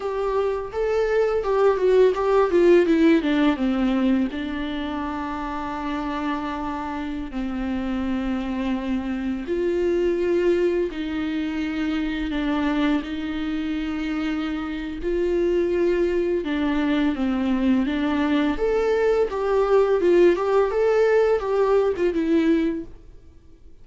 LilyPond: \new Staff \with { instrumentName = "viola" } { \time 4/4 \tempo 4 = 84 g'4 a'4 g'8 fis'8 g'8 f'8 | e'8 d'8 c'4 d'2~ | d'2~ d'16 c'4.~ c'16~ | c'4~ c'16 f'2 dis'8.~ |
dis'4~ dis'16 d'4 dis'4.~ dis'16~ | dis'4 f'2 d'4 | c'4 d'4 a'4 g'4 | f'8 g'8 a'4 g'8. f'16 e'4 | }